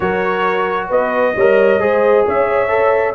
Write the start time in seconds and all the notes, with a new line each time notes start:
0.00 F#3 F#4 A#4 C#5
0.89 B3 B4 D#5
1.35 G3 A#4 C#5
1.78 G#3 G#4 C5
2.25 C#4 C#5 E5
2.68 A4